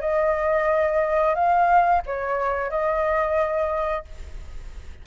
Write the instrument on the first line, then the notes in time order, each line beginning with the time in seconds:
flute
0.00 D#5
1.34 F5
2.06 C#5
2.70 D#5